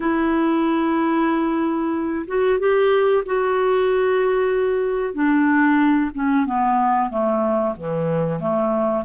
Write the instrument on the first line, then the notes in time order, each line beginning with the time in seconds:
clarinet
0.00 E4
2.27 F#4
2.59 G4
3.25 F#4
5.13 D4
6.14 C#4
6.45 B3
7.10 A3
7.76 E3
8.40 A3